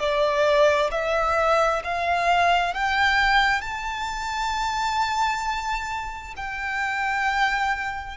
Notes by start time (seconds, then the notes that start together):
0.00 D5
0.92 E5
1.84 F5
2.74 G5
3.62 A5
6.37 G5